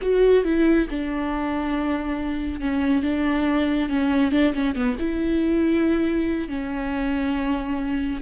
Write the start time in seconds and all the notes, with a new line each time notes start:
0.01 F#4
0.44 E4
0.89 D4
2.60 C#4
3.02 D4
3.89 C#4
4.31 D4
4.53 C#4
4.75 B3
4.99 E4
6.48 C#4